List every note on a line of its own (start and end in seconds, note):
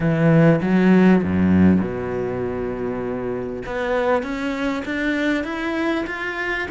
0.00 0.60 E3
0.61 1.22 F#3
1.23 1.80 F#2
1.80 3.62 B2
3.66 4.22 B3
4.22 4.83 C#4
4.85 5.44 D4
5.44 6.04 E4
6.06 6.67 F4